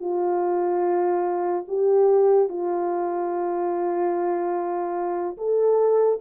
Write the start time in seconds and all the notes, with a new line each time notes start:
0.00 F4
1.68 G4
2.49 F4
5.37 A4